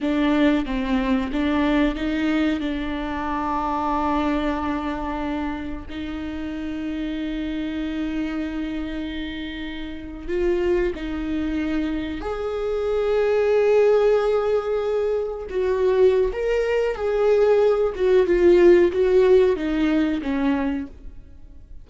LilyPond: \new Staff \with { instrumentName = "viola" } { \time 4/4 \tempo 4 = 92 d'4 c'4 d'4 dis'4 | d'1~ | d'4 dis'2.~ | dis'2.~ dis'8. f'16~ |
f'8. dis'2 gis'4~ gis'16~ | gis'2.~ gis'8. fis'16~ | fis'4 ais'4 gis'4. fis'8 | f'4 fis'4 dis'4 cis'4 | }